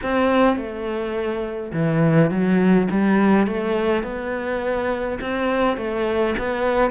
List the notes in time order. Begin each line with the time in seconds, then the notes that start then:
0.02 C4
0.56 A3
1.73 E3
2.30 F#3
2.91 G3
3.46 A3
4.03 B3
5.21 C4
5.77 A3
6.38 B3